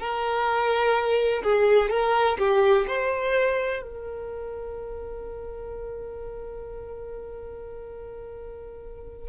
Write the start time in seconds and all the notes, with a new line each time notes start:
0.00 A#4
1.43 G#4
1.90 A#4
2.38 G4
2.87 C5
3.82 A#4